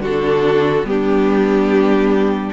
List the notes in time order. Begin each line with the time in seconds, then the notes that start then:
0.00 D3 D4 F#4 A4
0.84 G3 B3 D4 G4